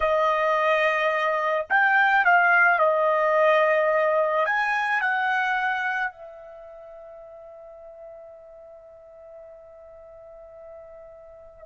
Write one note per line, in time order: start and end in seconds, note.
0.00 1.66 D#5
1.69 2.24 G5
2.24 2.79 F5
2.79 4.45 D#5
4.45 5.00 G#5
5.00 6.11 F#5
6.11 11.66 E5